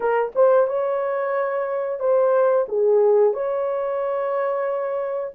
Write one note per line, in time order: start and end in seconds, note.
0.00 0.32 A#4
0.35 0.67 C5
0.67 1.99 C#5
1.99 2.66 C5
2.68 3.33 G#4
3.33 5.33 C#5